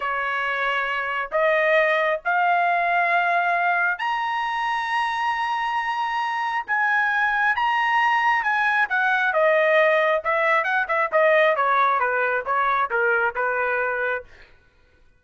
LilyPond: \new Staff \with { instrumentName = "trumpet" } { \time 4/4 \tempo 4 = 135 cis''2. dis''4~ | dis''4 f''2.~ | f''4 ais''2.~ | ais''2. gis''4~ |
gis''4 ais''2 gis''4 | fis''4 dis''2 e''4 | fis''8 e''8 dis''4 cis''4 b'4 | cis''4 ais'4 b'2 | }